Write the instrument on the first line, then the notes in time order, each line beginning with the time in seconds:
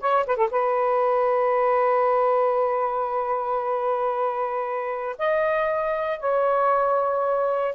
saxophone
0.00 C#5
0.27 B4
0.36 A4
0.51 B4
5.18 D#5
6.19 C#5